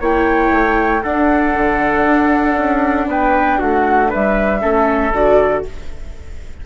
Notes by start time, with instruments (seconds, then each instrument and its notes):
0.00 bassoon A#3, viola E4, trumpet C#5, flute G5
0.51 bassoon A3
1.03 viola D4, bassoon D4, trumpet A4, flute F#5
1.54 bassoon D3
2.05 bassoon D4
2.57 bassoon C#4
3.07 bassoon B3, trumpet B4, flute G5
3.59 bassoon A3, trumpet F#4, flute F#5
4.10 bassoon G3, trumpet B4, flute E5
4.61 bassoon A3, viola C#4, trumpet A4
5.12 bassoon D3, viola F#4, flute D5